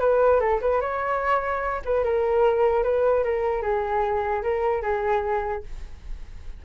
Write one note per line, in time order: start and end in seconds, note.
0.00 0.40 B4
0.40 0.61 A4
0.61 0.81 B4
0.81 1.82 C#5
1.85 2.04 B4
2.04 2.84 A#4
2.84 3.24 B4
3.24 3.62 A#4
3.62 4.43 G#4
4.43 4.82 A#4
4.82 5.63 G#4